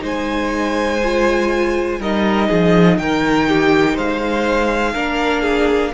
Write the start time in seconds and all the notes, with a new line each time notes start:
0.00 G#3 D#4 C5
0.06 G#5
1.04 F4
1.99 G3 D#4 A#4 D#5
2.49 F3 G#4
2.98 D#3 A#4 G5
3.49 G4
3.94 G#3 C5 F5
4.93 A#3 D4 A#4
5.42 G#4